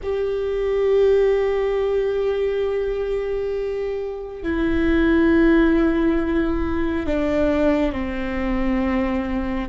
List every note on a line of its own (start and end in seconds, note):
0.02 4.42 G4
4.42 7.06 E4
7.06 7.92 D4
7.92 9.68 C4